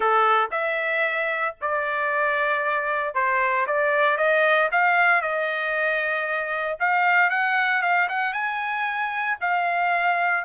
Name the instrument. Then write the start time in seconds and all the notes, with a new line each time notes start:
trumpet
0.00 A4
0.51 E5
1.61 D5
3.14 C5
3.66 D5
4.17 D#5
4.71 F5
5.21 D#5
6.79 F5
7.30 F#5
7.81 F5
8.08 F#5
8.33 G#5
9.40 F5